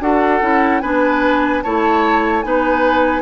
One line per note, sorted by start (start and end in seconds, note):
0.00 0.41 D4
0.00 0.41 F#4
0.00 0.82 A4
0.00 0.81 F#5
0.41 0.82 C#4
0.41 0.82 E4
0.81 1.63 B3
0.81 1.64 D4
0.81 1.63 B4
0.81 1.62 G#5
1.63 2.44 A3
1.63 2.43 E4
1.63 2.45 C#5
1.63 2.42 A5
2.42 3.22 B3
2.42 3.22 D#4
2.42 3.22 B4
2.42 3.22 G#5